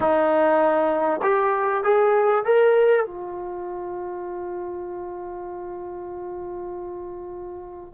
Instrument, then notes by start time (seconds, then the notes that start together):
trombone
0.00 D#4
1.22 G4
1.83 G#4
2.44 A#4
3.06 F4